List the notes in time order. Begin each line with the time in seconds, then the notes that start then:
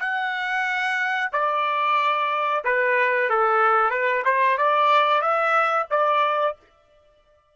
0.00 F#5
1.33 D5
2.64 B4
3.30 A4
3.91 B4
4.25 C5
4.58 D5
5.22 E5
5.91 D5